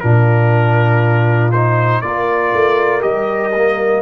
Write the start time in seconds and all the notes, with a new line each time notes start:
0.00 A#2 D4 F4 A#4
1.51 D#4 C5
2.01 A#3 F4 A#4 D5
2.53 A3
3.00 G3 G4 D#5
3.55 A#3